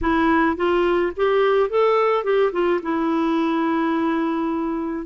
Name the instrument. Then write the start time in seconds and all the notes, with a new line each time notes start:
clarinet
0.01 E4
0.56 F4
1.16 G4
1.69 A4
2.24 G4
2.52 F4
2.82 E4